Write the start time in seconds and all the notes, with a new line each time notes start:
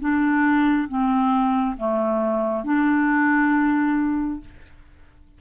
0.00 D4
0.88 C4
1.77 A3
2.64 D4